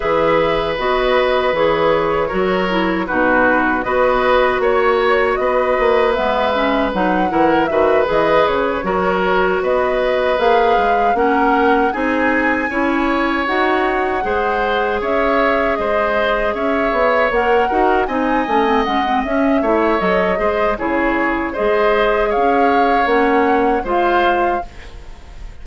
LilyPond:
<<
  \new Staff \with { instrumentName = "flute" } { \time 4/4 \tempo 4 = 78 e''4 dis''4 cis''2 | b'4 dis''4 cis''4 dis''4 | e''4 fis''4 e''8 dis''8 cis''4~ | cis''8 dis''4 f''4 fis''4 gis''8~ |
gis''4. fis''2 e''8~ | e''8 dis''4 e''4 fis''4 gis''8~ | gis''8 fis''8 e''4 dis''4 cis''4 | dis''4 f''4 fis''4 f''4 | }
  \new Staff \with { instrumentName = "oboe" } { \time 4/4 b'2. ais'4 | fis'4 b'4 cis''4 b'4~ | b'4. ais'8 b'4. ais'8~ | ais'8 b'2 ais'4 gis'8~ |
gis'8 cis''2 c''4 cis''8~ | cis''8 c''4 cis''4. ais'8 dis''8~ | dis''4. cis''4 c''8 gis'4 | c''4 cis''2 c''4 | }
  \new Staff \with { instrumentName = "clarinet" } { \time 4/4 gis'4 fis'4 gis'4 fis'8 e'8 | dis'4 fis'2. | b8 cis'8 dis'8 e'8 fis'8 gis'4 fis'8~ | fis'4. gis'4 cis'4 dis'8~ |
dis'8 e'4 fis'4 gis'4.~ | gis'2~ gis'8 ais'8 fis'8 dis'8 | cis'16 c'16 cis'16 c'16 cis'8 e'8 a'8 gis'8 e'4 | gis'2 cis'4 f'4 | }
  \new Staff \with { instrumentName = "bassoon" } { \time 4/4 e4 b4 e4 fis4 | b,4 b4 ais4 b8 ais8 | gis4 fis8 e8 dis8 e8 cis8 fis8~ | fis8 b4 ais8 gis8 ais4 c'8~ |
c'8 cis'4 dis'4 gis4 cis'8~ | cis'8 gis4 cis'8 b8 ais8 dis'8 c'8 | a8 gis8 cis'8 a8 fis8 gis8 cis4 | gis4 cis'4 ais4 gis4 | }
>>